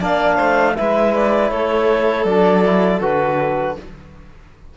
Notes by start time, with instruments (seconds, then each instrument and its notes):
0.00 cello A#3, trombone D4, violin D5, clarinet F5
0.36 cello A3, violin C5
0.76 cello G#3, trombone E4, violin B4, clarinet E5
1.14 clarinet D5
1.50 cello A3, violin A4, clarinet C#5
2.25 cello F#3, trombone D4, clarinet D5
2.64 trombone E4
3.01 cello D3, trombone F#4, clarinet B4